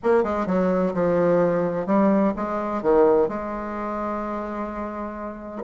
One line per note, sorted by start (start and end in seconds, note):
0.03 0.23 A#3
0.23 0.46 G#3
0.46 0.93 F#3
0.94 1.86 F3
1.86 2.33 G3
2.36 2.82 G#3
2.82 3.28 D#3
3.28 5.62 G#3